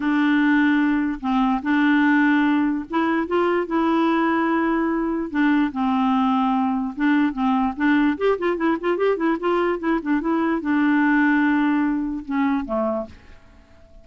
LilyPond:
\new Staff \with { instrumentName = "clarinet" } { \time 4/4 \tempo 4 = 147 d'2. c'4 | d'2. e'4 | f'4 e'2.~ | e'4 d'4 c'2~ |
c'4 d'4 c'4 d'4 | g'8 f'8 e'8 f'8 g'8 e'8 f'4 | e'8 d'8 e'4 d'2~ | d'2 cis'4 a4 | }